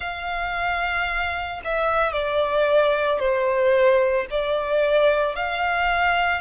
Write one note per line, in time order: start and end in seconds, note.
0.00 1.61 F5
1.64 2.12 E5
2.12 3.19 D5
3.19 4.26 C5
4.30 5.35 D5
5.35 6.40 F5